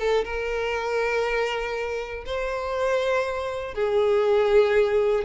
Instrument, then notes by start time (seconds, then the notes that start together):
violin
0.00 A4
0.25 A#4
2.26 C5
3.75 G#4